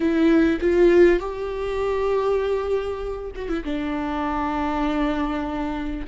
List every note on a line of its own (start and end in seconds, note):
0.00 0.59 E4
0.60 1.19 F4
1.19 3.31 G4
3.35 3.48 F#4
3.48 3.63 E4
3.64 6.06 D4